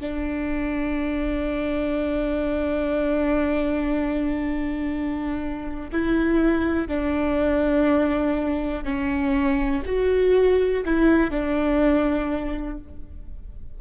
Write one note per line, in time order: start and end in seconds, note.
0.00 5.90 D4
5.92 6.88 E4
6.88 8.84 D4
8.84 9.82 C#4
9.85 10.84 F#4
10.85 11.31 E4
11.31 12.78 D4